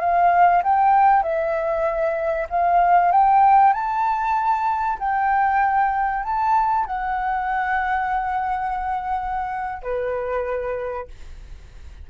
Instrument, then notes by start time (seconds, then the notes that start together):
flute
0.00 F5
0.63 G5
1.23 E5
2.49 F5
3.12 G5
3.74 A5
4.99 G5
6.24 A5
6.86 F#5
9.83 B4